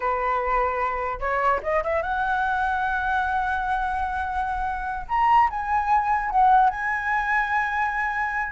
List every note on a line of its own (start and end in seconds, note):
0.00 1.19 B4
1.20 1.60 C#5
1.63 1.83 D#5
1.83 2.02 E5
2.02 5.06 F#5
5.08 5.49 A#5
5.49 6.30 G#5
6.30 6.69 F#5
6.69 8.52 G#5